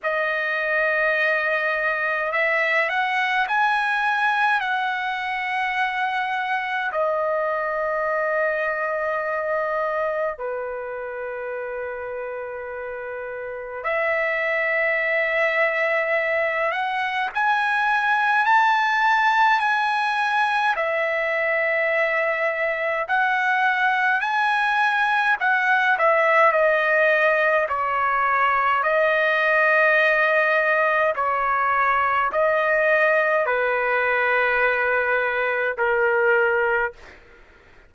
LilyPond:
\new Staff \with { instrumentName = "trumpet" } { \time 4/4 \tempo 4 = 52 dis''2 e''8 fis''8 gis''4 | fis''2 dis''2~ | dis''4 b'2. | e''2~ e''8 fis''8 gis''4 |
a''4 gis''4 e''2 | fis''4 gis''4 fis''8 e''8 dis''4 | cis''4 dis''2 cis''4 | dis''4 b'2 ais'4 | }